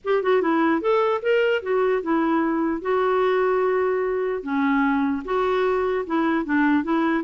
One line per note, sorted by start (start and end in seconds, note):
0.04 0.23 G4
0.23 0.41 F#4
0.41 0.81 E4
0.81 1.21 A4
1.22 1.62 A#4
1.62 2.02 F#4
2.02 2.81 E4
2.81 4.42 F#4
4.42 5.23 C#4
5.24 6.05 F#4
6.06 6.45 E4
6.45 6.83 D4
6.83 7.24 E4